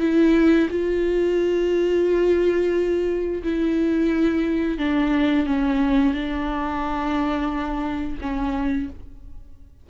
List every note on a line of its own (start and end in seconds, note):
0.00 0.68 E4
0.70 3.43 F4
3.43 4.78 E4
4.78 5.46 D4
5.46 6.14 C#4
6.14 8.18 D4
8.21 8.89 C#4